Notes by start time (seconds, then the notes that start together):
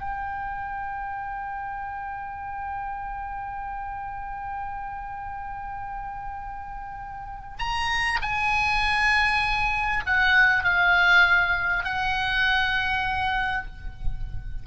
0.00 G5
7.59 A#5
8.22 G#5
10.06 F#5
10.64 F5
11.84 F#5